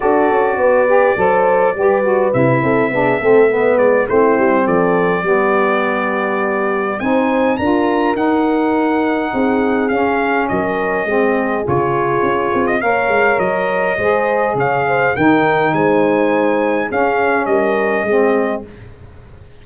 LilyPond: <<
  \new Staff \with { instrumentName = "trumpet" } { \time 4/4 \tempo 4 = 103 d''1 | e''2~ e''8 d''8 c''4 | d''1 | gis''4 ais''4 fis''2~ |
fis''4 f''4 dis''2 | cis''4.~ cis''16 dis''16 f''4 dis''4~ | dis''4 f''4 g''4 gis''4~ | gis''4 f''4 dis''2 | }
  \new Staff \with { instrumentName = "horn" } { \time 4/4 a'4 b'4 c''4 b'4~ | b'8 a'8 gis'8 a'8 b'4 e'4 | a'4 g'2. | c''4 ais'2. |
gis'2 ais'4 gis'4~ | gis'2 cis''2 | c''4 cis''8 c''8 ais'4 c''4~ | c''4 gis'4 ais'4 gis'4 | }
  \new Staff \with { instrumentName = "saxophone" } { \time 4/4 fis'4. g'8 a'4 g'8 fis'8 | e'4 d'8 c'8 b4 c'4~ | c'4 b2. | dis'4 f'4 dis'2~ |
dis'4 cis'2 c'4 | f'2 ais'2 | gis'2 dis'2~ | dis'4 cis'2 c'4 | }
  \new Staff \with { instrumentName = "tuba" } { \time 4/4 d'8 cis'8 b4 fis4 g4 | c8 c'8 b8 a4 gis8 a8 g8 | f4 g2. | c'4 d'4 dis'2 |
c'4 cis'4 fis4 gis4 | cis4 cis'8 c'8 ais8 gis8 fis4 | gis4 cis4 dis4 gis4~ | gis4 cis'4 g4 gis4 | }
>>